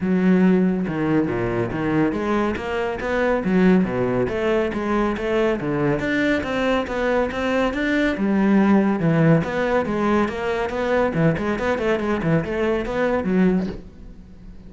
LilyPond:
\new Staff \with { instrumentName = "cello" } { \time 4/4 \tempo 4 = 140 fis2 dis4 ais,4 | dis4 gis4 ais4 b4 | fis4 b,4 a4 gis4 | a4 d4 d'4 c'4 |
b4 c'4 d'4 g4~ | g4 e4 b4 gis4 | ais4 b4 e8 gis8 b8 a8 | gis8 e8 a4 b4 fis4 | }